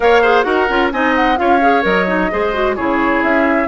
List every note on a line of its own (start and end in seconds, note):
0.00 0.45 A#3
0.00 0.23 A#4
0.00 0.22 C#5
0.00 0.42 F5
0.22 0.43 G#4
0.22 0.45 C5
0.42 0.68 D#4
0.42 0.66 F#4
0.42 0.92 A#4
0.42 0.89 F#5
0.69 0.92 C#4
0.69 0.92 F4
0.92 1.38 C4
0.92 1.36 D#4
0.92 1.39 D#5
0.92 1.15 G#5
1.15 1.37 F#5
1.36 1.84 C#4
1.36 1.59 F4
1.36 2.32 C#5
1.36 1.84 F5
1.61 1.82 G#4
1.82 2.30 F#3
1.82 2.05 A#4
1.82 2.76 D#5
2.06 2.29 D#4
2.30 2.78 G#3
2.30 2.53 G#4
2.30 2.76 C5
2.53 2.76 F#4
2.76 3.23 C#3
2.76 3.67 E4
2.76 3.67 G#4
2.76 3.22 C#5
3.22 3.67 C#4
3.22 3.67 E5